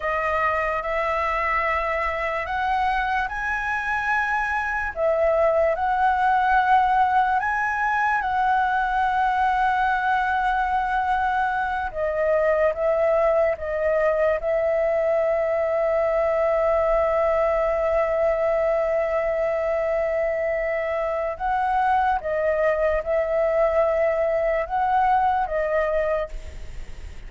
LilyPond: \new Staff \with { instrumentName = "flute" } { \time 4/4 \tempo 4 = 73 dis''4 e''2 fis''4 | gis''2 e''4 fis''4~ | fis''4 gis''4 fis''2~ | fis''2~ fis''8 dis''4 e''8~ |
e''8 dis''4 e''2~ e''8~ | e''1~ | e''2 fis''4 dis''4 | e''2 fis''4 dis''4 | }